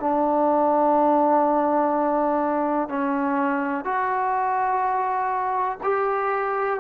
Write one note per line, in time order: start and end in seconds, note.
0.00 2.89 D4
2.89 3.85 C#4
3.85 5.78 F#4
5.83 6.80 G4